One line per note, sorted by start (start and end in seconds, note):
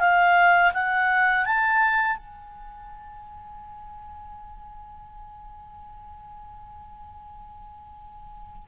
0.00 0.72 F5
0.74 1.46 F#5
1.46 2.18 A5
2.18 8.68 G#5